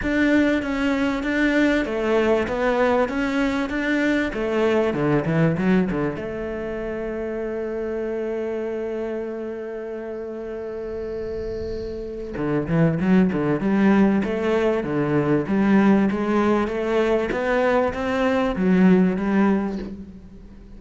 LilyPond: \new Staff \with { instrumentName = "cello" } { \time 4/4 \tempo 4 = 97 d'4 cis'4 d'4 a4 | b4 cis'4 d'4 a4 | d8 e8 fis8 d8 a2~ | a1~ |
a1 | d8 e8 fis8 d8 g4 a4 | d4 g4 gis4 a4 | b4 c'4 fis4 g4 | }